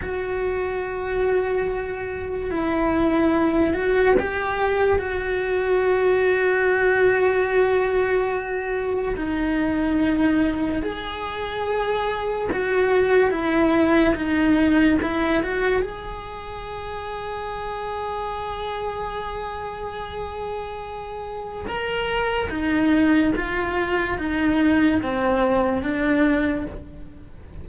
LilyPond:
\new Staff \with { instrumentName = "cello" } { \time 4/4 \tempo 4 = 72 fis'2. e'4~ | e'8 fis'8 g'4 fis'2~ | fis'2. dis'4~ | dis'4 gis'2 fis'4 |
e'4 dis'4 e'8 fis'8 gis'4~ | gis'1~ | gis'2 ais'4 dis'4 | f'4 dis'4 c'4 d'4 | }